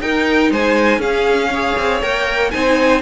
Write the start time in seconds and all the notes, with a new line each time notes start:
0.00 D#4 A#4 G5
0.51 G#3 C5 G#5
0.98 C#4 G#4 F5
1.51 G#4 C#5
1.77 C4
2.02 A#3 A#4 G5
2.50 C4 D#4 C5 G#5